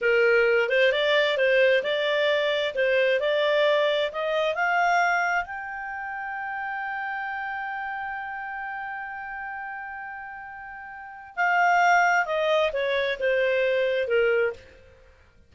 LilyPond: \new Staff \with { instrumentName = "clarinet" } { \time 4/4 \tempo 4 = 132 ais'4. c''8 d''4 c''4 | d''2 c''4 d''4~ | d''4 dis''4 f''2 | g''1~ |
g''1~ | g''1~ | g''4 f''2 dis''4 | cis''4 c''2 ais'4 | }